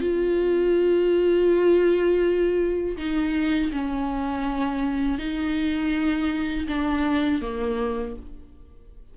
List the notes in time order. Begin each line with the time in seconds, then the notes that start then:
0.00 F4
2.97 D#4
3.72 C#4
5.18 D#4
6.67 D4
7.41 A#3